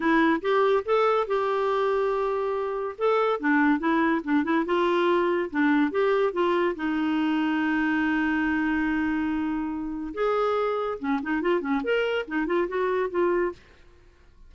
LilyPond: \new Staff \with { instrumentName = "clarinet" } { \time 4/4 \tempo 4 = 142 e'4 g'4 a'4 g'4~ | g'2. a'4 | d'4 e'4 d'8 e'8 f'4~ | f'4 d'4 g'4 f'4 |
dis'1~ | dis'1 | gis'2 cis'8 dis'8 f'8 cis'8 | ais'4 dis'8 f'8 fis'4 f'4 | }